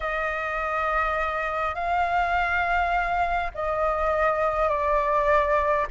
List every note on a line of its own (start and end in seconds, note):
0.00 1.74 D#5
1.74 3.51 F5
3.54 4.68 D#5
4.68 5.86 D5